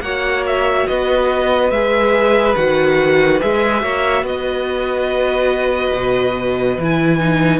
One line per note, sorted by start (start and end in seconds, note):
0.00 0.85 A#3
0.00 1.73 F#4
0.00 0.88 C#5
0.00 0.43 F#5
0.46 0.87 E5
0.87 1.71 B3
0.87 3.83 B4
0.87 1.70 D#5
1.70 2.55 G#3
1.70 2.57 G#4
1.70 2.55 E5
2.55 3.41 D#3
2.55 3.40 F#4
2.55 3.40 F#5
3.40 3.82 G#3
3.40 3.80 G#4
3.40 4.26 E5
3.80 4.23 A#3
3.80 6.75 F#4
3.80 4.23 C#5
4.23 5.92 B3
4.23 7.60 B4
4.23 6.80 D#5
5.93 6.78 B2
6.78 7.60 E3
6.78 7.19 E4
6.78 7.60 G#5
7.19 7.60 D#4